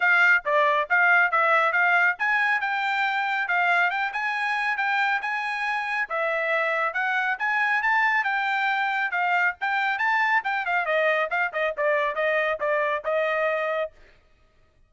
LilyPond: \new Staff \with { instrumentName = "trumpet" } { \time 4/4 \tempo 4 = 138 f''4 d''4 f''4 e''4 | f''4 gis''4 g''2 | f''4 g''8 gis''4. g''4 | gis''2 e''2 |
fis''4 gis''4 a''4 g''4~ | g''4 f''4 g''4 a''4 | g''8 f''8 dis''4 f''8 dis''8 d''4 | dis''4 d''4 dis''2 | }